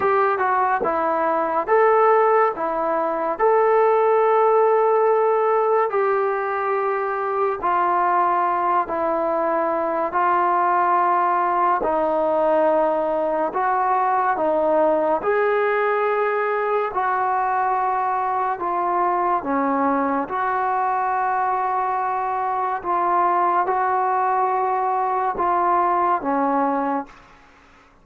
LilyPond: \new Staff \with { instrumentName = "trombone" } { \time 4/4 \tempo 4 = 71 g'8 fis'8 e'4 a'4 e'4 | a'2. g'4~ | g'4 f'4. e'4. | f'2 dis'2 |
fis'4 dis'4 gis'2 | fis'2 f'4 cis'4 | fis'2. f'4 | fis'2 f'4 cis'4 | }